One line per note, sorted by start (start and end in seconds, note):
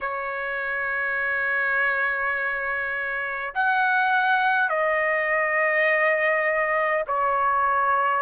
0.00 3.53 C#5
3.54 4.69 F#5
4.69 7.04 D#5
7.06 8.22 C#5